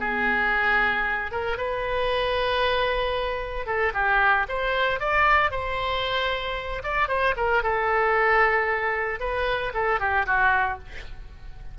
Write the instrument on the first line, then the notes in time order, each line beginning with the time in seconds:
oboe
0.00 G#4
1.32 A#4
1.57 B4
3.67 A4
3.94 G4
4.49 C5
5.00 D5
5.51 C5
6.83 D5
7.08 C5
7.37 A#4
7.63 A4
9.20 B4
9.74 A4
10.00 G4
10.26 F#4